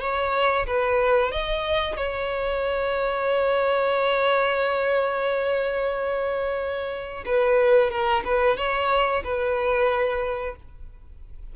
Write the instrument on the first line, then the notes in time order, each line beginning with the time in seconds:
violin
0.00 C#5
0.66 B4
1.31 D#5
1.96 C#5
7.25 B4
7.90 A#4
8.24 B4
8.57 C#5
9.23 B4